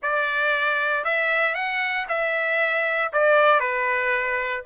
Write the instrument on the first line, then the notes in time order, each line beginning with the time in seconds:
trumpet
0.02 D5
1.04 E5
1.54 F#5
2.08 E5
3.12 D5
3.59 B4